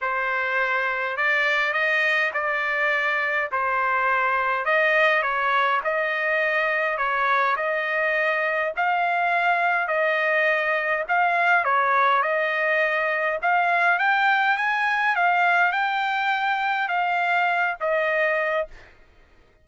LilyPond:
\new Staff \with { instrumentName = "trumpet" } { \time 4/4 \tempo 4 = 103 c''2 d''4 dis''4 | d''2 c''2 | dis''4 cis''4 dis''2 | cis''4 dis''2 f''4~ |
f''4 dis''2 f''4 | cis''4 dis''2 f''4 | g''4 gis''4 f''4 g''4~ | g''4 f''4. dis''4. | }